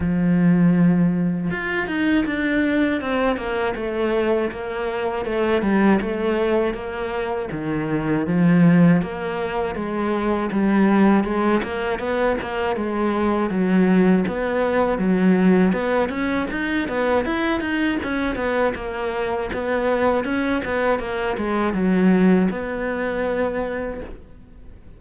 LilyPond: \new Staff \with { instrumentName = "cello" } { \time 4/4 \tempo 4 = 80 f2 f'8 dis'8 d'4 | c'8 ais8 a4 ais4 a8 g8 | a4 ais4 dis4 f4 | ais4 gis4 g4 gis8 ais8 |
b8 ais8 gis4 fis4 b4 | fis4 b8 cis'8 dis'8 b8 e'8 dis'8 | cis'8 b8 ais4 b4 cis'8 b8 | ais8 gis8 fis4 b2 | }